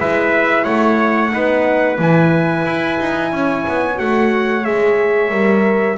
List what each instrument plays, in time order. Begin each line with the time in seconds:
0.00 double bass G#3, horn E4, trumpet B4 E5
0.64 double bass A3, trumpet C#5 F#5
1.31 double bass B3, horn D#4, trumpet B4
1.99 double bass E3, horn E4, trumpet G#5
2.66 double bass E4
3.00 double bass D#4
3.33 double bass C#4, trumpet C#5
3.68 double bass B3
3.95 double bass A3, horn F#4, trumpet F#5
4.64 double bass G#3, horn G#4, trumpet E5
5.31 double bass G3, horn A#4